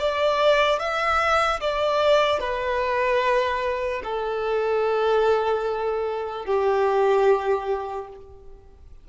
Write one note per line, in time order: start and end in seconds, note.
0.00 0.80 D5
0.80 1.61 E5
1.61 2.40 D5
2.40 4.02 B4
4.04 6.46 A4
6.46 8.08 G4